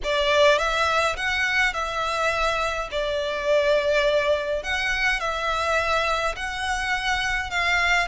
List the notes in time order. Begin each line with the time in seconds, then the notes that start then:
0.03 D5
0.58 E5
1.16 F#5
1.73 E5
2.91 D5
4.63 F#5
5.19 E5
6.35 F#5
7.50 F5